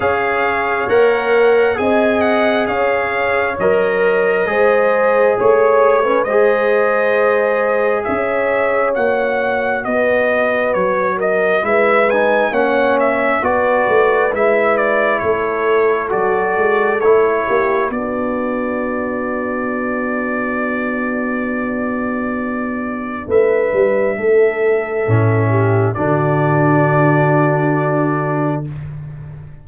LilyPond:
<<
  \new Staff \with { instrumentName = "trumpet" } { \time 4/4 \tempo 4 = 67 f''4 fis''4 gis''8 fis''8 f''4 | dis''2 cis''4 dis''4~ | dis''4 e''4 fis''4 dis''4 | cis''8 dis''8 e''8 gis''8 fis''8 e''8 d''4 |
e''8 d''8 cis''4 d''4 cis''4 | d''1~ | d''2 e''2~ | e''4 d''2. | }
  \new Staff \with { instrumentName = "horn" } { \time 4/4 cis''2 dis''4 cis''4~ | cis''4 c''4 cis''8. b'16 c''4~ | c''4 cis''2 b'4~ | b'8 ais'8 b'4 cis''4 b'4~ |
b'4 a'2~ a'8 g'8 | fis'1~ | fis'2 b'4 a'4~ | a'8 g'8 fis'2. | }
  \new Staff \with { instrumentName = "trombone" } { \time 4/4 gis'4 ais'4 gis'2 | ais'4 gis'4.~ gis'16 cis'16 gis'4~ | gis'2 fis'2~ | fis'4 e'8 dis'8 cis'4 fis'4 |
e'2 fis'4 e'4 | d'1~ | d'1 | cis'4 d'2. | }
  \new Staff \with { instrumentName = "tuba" } { \time 4/4 cis'4 ais4 c'4 cis'4 | fis4 gis4 a4 gis4~ | gis4 cis'4 ais4 b4 | fis4 gis4 ais4 b8 a8 |
gis4 a4 fis8 gis8 a8 ais8 | b1~ | b2 a8 g8 a4 | a,4 d2. | }
>>